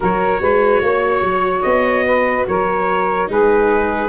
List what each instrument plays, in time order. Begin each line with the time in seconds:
0.00 tuba F#3, viola F#4, saxophone A#4, trumpet C#5
0.40 tuba G#3, saxophone B4
0.81 tuba A#3, saxophone C#5
1.21 tuba F#3
1.62 tuba B3, trumpet D#5
2.06 saxophone B4
2.47 tuba F#3, saxophone A#4, trumpet C#5
3.26 tuba G#3, viola D#4, saxophone G#4, trumpet B4